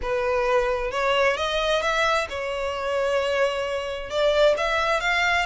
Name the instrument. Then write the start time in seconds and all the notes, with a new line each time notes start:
violin
0.02 B4
0.91 C#5
1.36 D#5
1.81 E5
2.29 C#5
4.10 D5
4.57 E5
5.00 F5